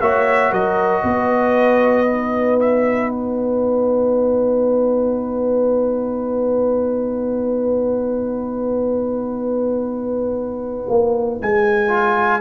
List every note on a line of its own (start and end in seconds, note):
0.00 0.51 A#3
0.00 2.06 F#4
0.00 0.51 C#5
0.00 0.52 E5
0.51 1.03 F#3
0.51 1.03 A#4
0.51 2.60 D#5
1.03 10.86 B3
1.03 12.40 B4
2.06 11.88 D#4
2.60 3.10 E5
3.10 11.38 F#5
10.88 11.40 A#3
11.41 12.40 G#3
11.41 12.40 G#5
11.88 12.40 F4